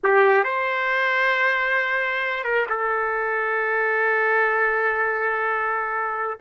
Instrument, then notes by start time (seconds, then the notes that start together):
trumpet
0.03 G4
0.44 C5
2.44 A#4
2.69 A4